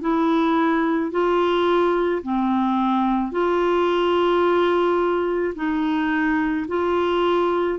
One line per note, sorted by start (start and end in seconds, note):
0.00 1.11 E4
1.11 2.22 F4
2.22 3.31 C4
3.31 5.54 F4
5.55 6.66 D#4
6.68 7.79 F4